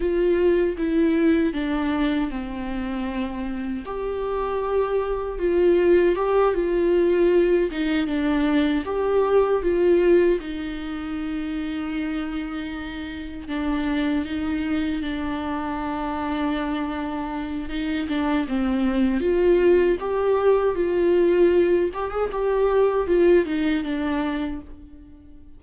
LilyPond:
\new Staff \with { instrumentName = "viola" } { \time 4/4 \tempo 4 = 78 f'4 e'4 d'4 c'4~ | c'4 g'2 f'4 | g'8 f'4. dis'8 d'4 g'8~ | g'8 f'4 dis'2~ dis'8~ |
dis'4. d'4 dis'4 d'8~ | d'2. dis'8 d'8 | c'4 f'4 g'4 f'4~ | f'8 g'16 gis'16 g'4 f'8 dis'8 d'4 | }